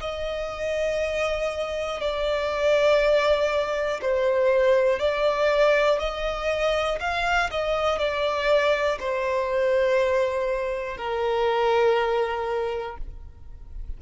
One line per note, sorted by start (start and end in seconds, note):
0.00 2.00 D#5
2.00 4.00 D5
4.01 4.99 C5
4.99 5.99 D5
5.99 6.99 D#5
7.00 7.50 F5
7.50 7.98 D#5
7.98 8.98 D5
8.99 10.97 C5
10.97 12.97 A#4